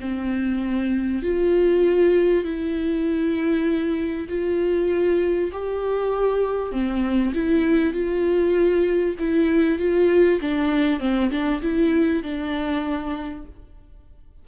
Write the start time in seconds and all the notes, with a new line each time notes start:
0.00 C4
1.22 F4
2.44 E4
4.29 F4
5.52 G4
6.72 C4
7.34 E4
7.93 F4
9.19 E4
9.78 F4
10.41 D4
11.00 C4
11.30 D4
11.62 E4
12.23 D4